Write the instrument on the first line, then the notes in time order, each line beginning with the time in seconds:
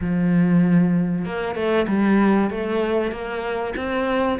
cello
0.01 F3
1.25 A#3
1.55 A3
1.88 G3
2.50 A3
3.11 A#3
3.76 C4